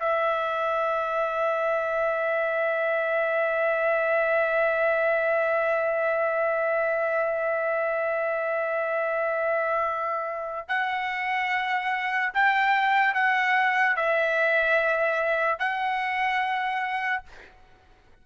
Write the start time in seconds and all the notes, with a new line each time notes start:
0.00 E5
10.68 F#5
12.34 G5
13.15 F#5
13.97 E5
15.59 F#5